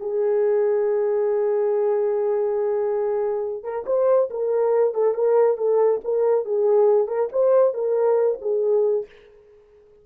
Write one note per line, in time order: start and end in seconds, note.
0.00 3.63 G#4
3.63 3.85 A#4
3.86 4.29 C5
4.30 4.94 A#4
4.94 5.14 A4
5.14 5.57 A#4
5.57 6.00 A4
6.04 6.45 A#4
6.45 7.07 G#4
7.07 7.29 A#4
7.32 7.73 C5
7.73 8.38 A#4
8.41 9.06 G#4